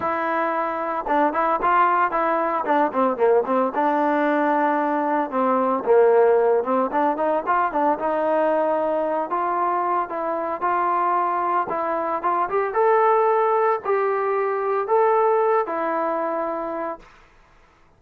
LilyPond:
\new Staff \with { instrumentName = "trombone" } { \time 4/4 \tempo 4 = 113 e'2 d'8 e'8 f'4 | e'4 d'8 c'8 ais8 c'8 d'4~ | d'2 c'4 ais4~ | ais8 c'8 d'8 dis'8 f'8 d'8 dis'4~ |
dis'4. f'4. e'4 | f'2 e'4 f'8 g'8 | a'2 g'2 | a'4. e'2~ e'8 | }